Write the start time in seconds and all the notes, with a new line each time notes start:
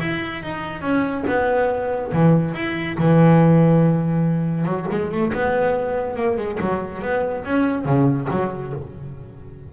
0.00 E4
0.43 D#4
0.81 C#4
1.27 B3
2.12 E3
2.54 E4
2.98 E3
4.65 F#3
4.91 G#3
5.11 A3
5.33 B3
6.15 A#3
6.37 G#3
6.60 F#3
7.01 B3
7.44 C#4
7.85 C#3
8.30 F#3